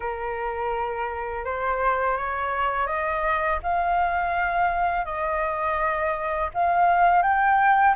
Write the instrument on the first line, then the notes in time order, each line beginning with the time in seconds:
flute
0.00 A#4
1.45 C5
2.17 C#5
2.87 D#5
3.62 F5
5.05 D#5
6.54 F5
7.22 G5